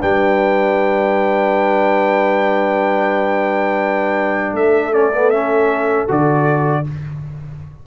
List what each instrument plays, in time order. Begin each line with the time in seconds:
0.00 tuba G3, trombone D4, horn B4, trumpet G5
4.53 tuba A3, horn A4, trumpet E5
4.92 trombone C#4, trumpet D5
5.13 trombone B3
5.30 trombone C#4, trumpet E5
6.08 tuba D3, trombone F#4, trumpet D5